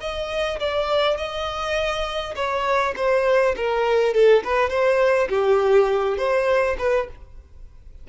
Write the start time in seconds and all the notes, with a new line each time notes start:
0.00 D#5
0.59 D5
1.17 D#5
2.35 C#5
2.96 C5
3.56 A#4
4.14 A4
4.44 B4
4.69 C5
5.29 G4
6.17 C5
6.78 B4